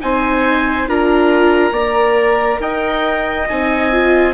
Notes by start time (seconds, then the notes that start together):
0.00 C4 D#4 C5 G#5
0.87 D4 F4 A#4 A#5
1.71 A#3 A#4 D5
2.59 D#4 D#5 G5
3.49 C4 D#4 G#5
3.92 F4